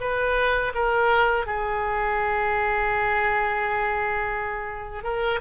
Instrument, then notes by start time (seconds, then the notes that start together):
oboe
0.00 B4
0.74 A#4
1.46 G#4
5.03 A#4